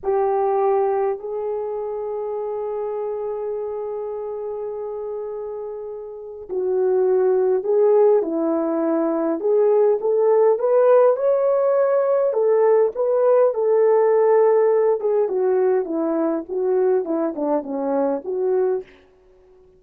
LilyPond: \new Staff \with { instrumentName = "horn" } { \time 4/4 \tempo 4 = 102 g'2 gis'2~ | gis'1~ | gis'2. fis'4~ | fis'4 gis'4 e'2 |
gis'4 a'4 b'4 cis''4~ | cis''4 a'4 b'4 a'4~ | a'4. gis'8 fis'4 e'4 | fis'4 e'8 d'8 cis'4 fis'4 | }